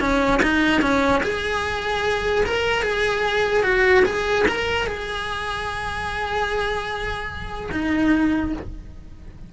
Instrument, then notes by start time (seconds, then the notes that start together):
cello
0.00 C#4
0.42 D#4
0.81 C#4
1.23 G#4
2.45 A#4
2.82 G#4
3.63 F#4
4.05 G#4
4.48 A#4
4.87 G#4
7.72 D#4